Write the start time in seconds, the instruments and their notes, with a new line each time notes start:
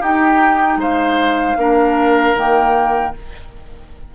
0.00 bassoon D#4, clarinet D#4, oboe G4, flute G5
0.76 bassoon G#3, oboe C5, flute F5
1.56 bassoon A#3, clarinet D4, oboe A#4
2.34 bassoon D#3, clarinet A#3, flute G5